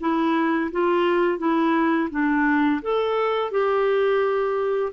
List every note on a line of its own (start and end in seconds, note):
0.00 0.71 E4
0.71 1.38 F4
1.38 2.09 E4
2.10 2.81 D4
2.82 3.51 A4
3.51 4.92 G4